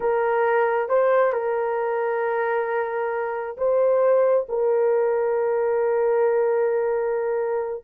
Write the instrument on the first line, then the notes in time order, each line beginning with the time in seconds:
horn
0.00 A#4
0.88 C5
1.32 A#4
3.57 C5
4.48 A#4